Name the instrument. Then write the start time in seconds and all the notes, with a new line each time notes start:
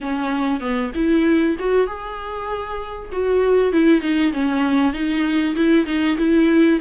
viola
0.00 C#4
0.60 B3
0.94 E4
1.59 F#4
1.86 G#4
3.12 F#4
3.72 E4
4.01 D#4
4.32 C#4
4.93 D#4
5.55 E4
5.86 D#4
6.17 E4